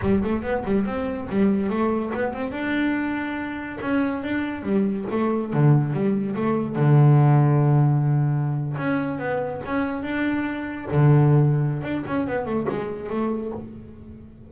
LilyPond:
\new Staff \with { instrumentName = "double bass" } { \time 4/4 \tempo 4 = 142 g8 a8 b8 g8 c'4 g4 | a4 b8 c'8 d'2~ | d'4 cis'4 d'4 g4 | a4 d4 g4 a4 |
d1~ | d8. cis'4 b4 cis'4 d'16~ | d'4.~ d'16 d2~ d16 | d'8 cis'8 b8 a8 gis4 a4 | }